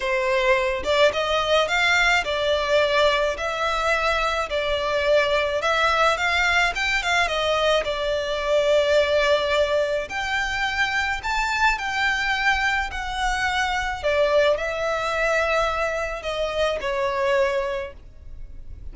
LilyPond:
\new Staff \with { instrumentName = "violin" } { \time 4/4 \tempo 4 = 107 c''4. d''8 dis''4 f''4 | d''2 e''2 | d''2 e''4 f''4 | g''8 f''8 dis''4 d''2~ |
d''2 g''2 | a''4 g''2 fis''4~ | fis''4 d''4 e''2~ | e''4 dis''4 cis''2 | }